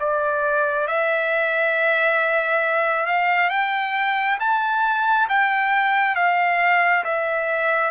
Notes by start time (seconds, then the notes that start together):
0.00 D5
0.88 E5
3.07 F5
3.50 G5
4.40 A5
5.29 G5
6.16 F5
7.04 E5